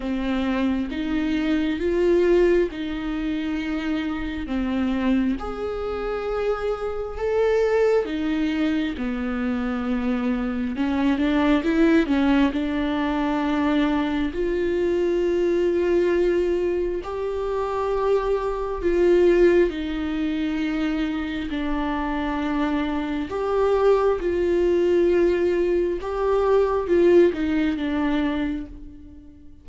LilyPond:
\new Staff \with { instrumentName = "viola" } { \time 4/4 \tempo 4 = 67 c'4 dis'4 f'4 dis'4~ | dis'4 c'4 gis'2 | a'4 dis'4 b2 | cis'8 d'8 e'8 cis'8 d'2 |
f'2. g'4~ | g'4 f'4 dis'2 | d'2 g'4 f'4~ | f'4 g'4 f'8 dis'8 d'4 | }